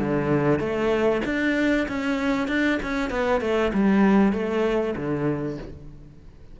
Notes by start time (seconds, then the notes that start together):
0.00 D3
0.60 A3
1.26 D4
1.89 C#4
2.48 D4
2.83 C#4
3.11 B3
3.41 A3
3.74 G3
4.33 A3
4.97 D3